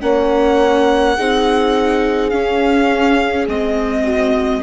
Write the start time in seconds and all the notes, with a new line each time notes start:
0.00 A#3 C#4 C#5 F#5
1.16 C4 D#4 G#4
2.30 C#4 F5
3.47 G#3 C4 D#5
4.04 F#4